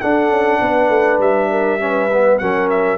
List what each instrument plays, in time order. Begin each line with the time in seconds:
0.00 trombone D4, tuba D4, horn A4, trumpet F#5
0.29 tuba C#4
0.61 tuba B3, horn B4
0.88 tuba A3
1.18 tuba G3, trumpet E5
1.50 horn A#4
1.79 trombone C#4, horn B4
2.12 trombone B3
2.38 tuba F#3, trombone C#4, horn A#4, trumpet F#5
2.69 trumpet E5